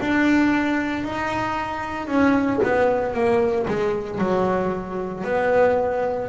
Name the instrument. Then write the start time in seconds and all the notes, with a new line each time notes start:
double bass
0.00 D4
1.04 D#4
2.07 C#4
2.63 B3
3.13 A#3
3.67 G#3
4.19 F#3
5.24 B3